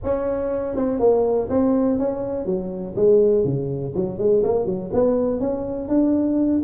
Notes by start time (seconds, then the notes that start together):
0.03 C#4
0.75 C4
0.99 A#3
1.49 C4
1.98 C#4
2.45 F#3
2.96 G#3
3.44 C#3
3.95 F#3
4.18 G#3
4.43 A#3
4.65 F#3
4.93 B3
5.40 C#4
5.88 D4